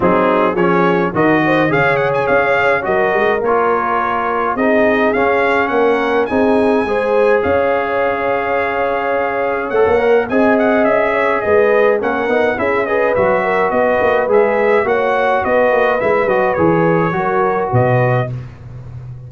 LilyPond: <<
  \new Staff \with { instrumentName = "trumpet" } { \time 4/4 \tempo 4 = 105 gis'4 cis''4 dis''4 f''8 fis''16 gis''16 | f''4 dis''4 cis''2 | dis''4 f''4 fis''4 gis''4~ | gis''4 f''2.~ |
f''4 fis''4 gis''8 fis''8 e''4 | dis''4 fis''4 e''8 dis''8 e''4 | dis''4 e''4 fis''4 dis''4 | e''8 dis''8 cis''2 dis''4 | }
  \new Staff \with { instrumentName = "horn" } { \time 4/4 dis'4 gis'4 ais'8 c''8 cis''4~ | cis''4 ais'2. | gis'2 ais'4 gis'4 | c''4 cis''2.~ |
cis''2 dis''4. cis''8 | b'4 ais'4 gis'8 b'4 ais'8 | b'2 cis''4 b'4~ | b'2 ais'4 b'4 | }
  \new Staff \with { instrumentName = "trombone" } { \time 4/4 c'4 cis'4 fis'4 gis'4~ | gis'4 fis'4 f'2 | dis'4 cis'2 dis'4 | gis'1~ |
gis'4 a'8 ais'8 gis'2~ | gis'4 cis'8 dis'8 e'8 gis'8 fis'4~ | fis'4 gis'4 fis'2 | e'8 fis'8 gis'4 fis'2 | }
  \new Staff \with { instrumentName = "tuba" } { \time 4/4 fis4 f4 dis4 cis4 | cis'4 fis8 gis8 ais2 | c'4 cis'4 ais4 c'4 | gis4 cis'2.~ |
cis'4 a16 ais8. c'4 cis'4 | gis4 ais8 b8 cis'4 fis4 | b8 ais8 gis4 ais4 b8 ais8 | gis8 fis8 e4 fis4 b,4 | }
>>